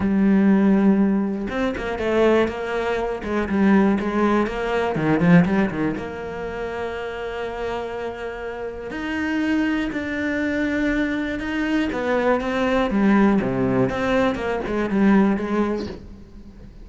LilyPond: \new Staff \with { instrumentName = "cello" } { \time 4/4 \tempo 4 = 121 g2. c'8 ais8 | a4 ais4. gis8 g4 | gis4 ais4 dis8 f8 g8 dis8 | ais1~ |
ais2 dis'2 | d'2. dis'4 | b4 c'4 g4 c4 | c'4 ais8 gis8 g4 gis4 | }